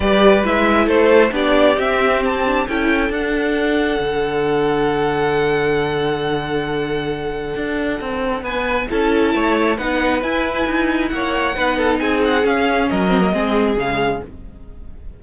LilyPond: <<
  \new Staff \with { instrumentName = "violin" } { \time 4/4 \tempo 4 = 135 d''4 e''4 c''4 d''4 | e''4 a''4 g''4 fis''4~ | fis''1~ | fis''1~ |
fis''2. gis''4 | a''2 fis''4 gis''4~ | gis''4 fis''2 gis''8 fis''8 | f''4 dis''2 f''4 | }
  \new Staff \with { instrumentName = "violin" } { \time 4/4 b'2 a'4 g'4~ | g'2 a'2~ | a'1~ | a'1~ |
a'2. b'4 | a'4 cis''4 b'2~ | b'4 cis''4 b'8 a'8 gis'4~ | gis'4 ais'4 gis'2 | }
  \new Staff \with { instrumentName = "viola" } { \time 4/4 g'4 e'2 d'4 | c'4. d'8 e'4 d'4~ | d'1~ | d'1~ |
d'1 | e'2 dis'4 e'4~ | e'2 dis'2 | cis'4. c'16 ais16 c'4 gis4 | }
  \new Staff \with { instrumentName = "cello" } { \time 4/4 g4 gis4 a4 b4 | c'2 cis'4 d'4~ | d'4 d2.~ | d1~ |
d4 d'4 c'4 b4 | cis'4 a4 b4 e'4 | dis'4 ais4 b4 c'4 | cis'4 fis4 gis4 cis4 | }
>>